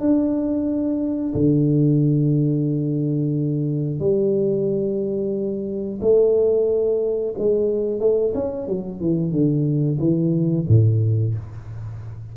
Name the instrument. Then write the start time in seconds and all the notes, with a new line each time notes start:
tuba
0.00 D4
1.34 D3
4.00 G3
6.01 A3
7.38 G#3
8.00 A3
8.34 C#4
8.67 F#3
9.00 E3
9.32 D3
9.99 E3
10.68 A2